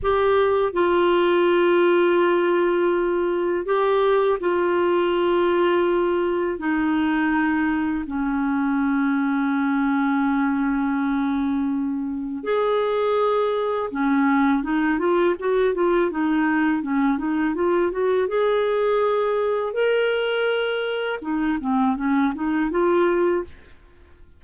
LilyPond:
\new Staff \with { instrumentName = "clarinet" } { \time 4/4 \tempo 4 = 82 g'4 f'2.~ | f'4 g'4 f'2~ | f'4 dis'2 cis'4~ | cis'1~ |
cis'4 gis'2 cis'4 | dis'8 f'8 fis'8 f'8 dis'4 cis'8 dis'8 | f'8 fis'8 gis'2 ais'4~ | ais'4 dis'8 c'8 cis'8 dis'8 f'4 | }